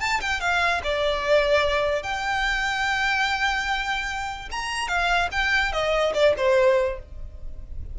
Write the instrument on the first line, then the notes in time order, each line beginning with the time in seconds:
violin
0.00 A5
0.21 G5
0.40 F5
0.84 D5
2.03 G5
4.51 A#5
4.88 F5
5.32 G5
5.72 D#5
6.14 D5
6.37 C5